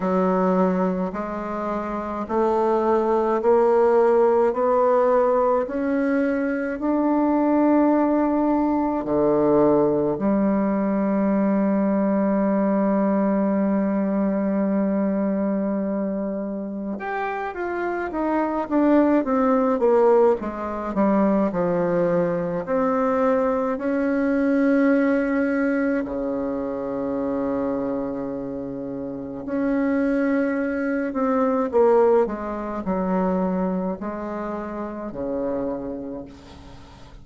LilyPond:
\new Staff \with { instrumentName = "bassoon" } { \time 4/4 \tempo 4 = 53 fis4 gis4 a4 ais4 | b4 cis'4 d'2 | d4 g2.~ | g2. g'8 f'8 |
dis'8 d'8 c'8 ais8 gis8 g8 f4 | c'4 cis'2 cis4~ | cis2 cis'4. c'8 | ais8 gis8 fis4 gis4 cis4 | }